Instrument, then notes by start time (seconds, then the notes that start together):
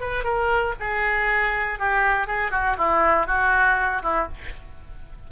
oboe
0.00 B4
0.24 A#4
0.80 G#4
1.79 G4
2.27 G#4
2.51 F#4
2.77 E4
3.26 F#4
4.02 E4